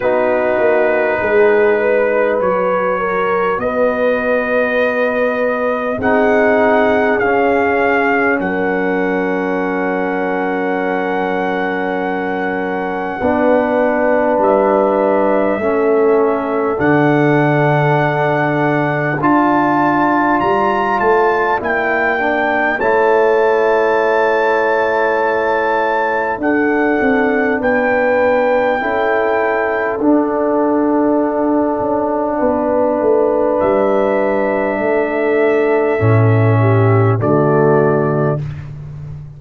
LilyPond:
<<
  \new Staff \with { instrumentName = "trumpet" } { \time 4/4 \tempo 4 = 50 b'2 cis''4 dis''4~ | dis''4 fis''4 f''4 fis''4~ | fis''1 | e''2 fis''2 |
a''4 ais''8 a''8 g''4 a''4~ | a''2 fis''4 g''4~ | g''4 fis''2. | e''2. d''4 | }
  \new Staff \with { instrumentName = "horn" } { \time 4/4 fis'4 gis'8 b'4 ais'8 b'4~ | b'4 gis'2 ais'4~ | ais'2. b'4~ | b'4 a'2. |
d''2. cis''4~ | cis''2 a'4 b'4 | a'2. b'4~ | b'4 a'4. g'8 fis'4 | }
  \new Staff \with { instrumentName = "trombone" } { \time 4/4 dis'2 fis'2~ | fis'4 dis'4 cis'2~ | cis'2. d'4~ | d'4 cis'4 d'2 |
f'2 e'8 d'8 e'4~ | e'2 d'2 | e'4 d'2.~ | d'2 cis'4 a4 | }
  \new Staff \with { instrumentName = "tuba" } { \time 4/4 b8 ais8 gis4 fis4 b4~ | b4 c'4 cis'4 fis4~ | fis2. b4 | g4 a4 d2 |
d'4 g8 a8 ais4 a4~ | a2 d'8 c'8 b4 | cis'4 d'4. cis'8 b8 a8 | g4 a4 a,4 d4 | }
>>